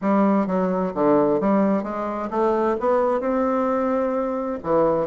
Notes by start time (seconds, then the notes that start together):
0.01 G3
0.46 F#3
0.94 D3
1.40 G3
1.83 G#3
2.30 A3
2.79 B3
3.20 C4
4.63 E3